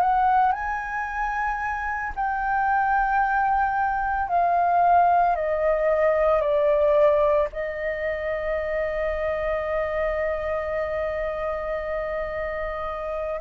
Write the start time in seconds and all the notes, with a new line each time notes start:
0.00 F#5
0.52 G#5
2.16 G5
4.28 F5
5.35 D#5
6.40 D5
7.52 D#5